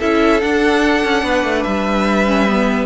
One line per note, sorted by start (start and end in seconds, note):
0.00 0.43 C#4
0.00 0.41 E4
0.00 1.24 A4
0.00 0.41 E5
0.41 2.27 D4
0.41 1.04 D4
0.41 1.63 F#5
1.04 1.23 C#4
1.23 1.44 B3
1.23 2.86 B4
1.44 1.64 A3
1.63 2.86 G3
1.63 2.86 E5
2.27 2.47 C#4
2.47 2.86 B3